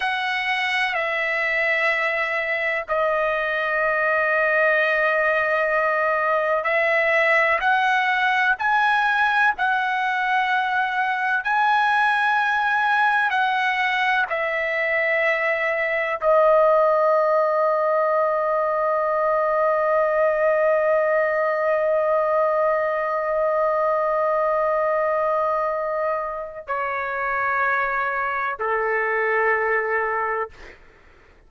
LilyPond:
\new Staff \with { instrumentName = "trumpet" } { \time 4/4 \tempo 4 = 63 fis''4 e''2 dis''4~ | dis''2. e''4 | fis''4 gis''4 fis''2 | gis''2 fis''4 e''4~ |
e''4 dis''2.~ | dis''1~ | dis''1 | cis''2 a'2 | }